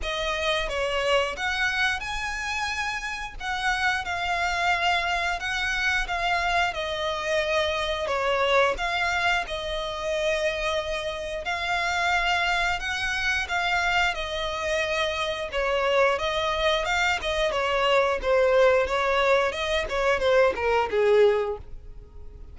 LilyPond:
\new Staff \with { instrumentName = "violin" } { \time 4/4 \tempo 4 = 89 dis''4 cis''4 fis''4 gis''4~ | gis''4 fis''4 f''2 | fis''4 f''4 dis''2 | cis''4 f''4 dis''2~ |
dis''4 f''2 fis''4 | f''4 dis''2 cis''4 | dis''4 f''8 dis''8 cis''4 c''4 | cis''4 dis''8 cis''8 c''8 ais'8 gis'4 | }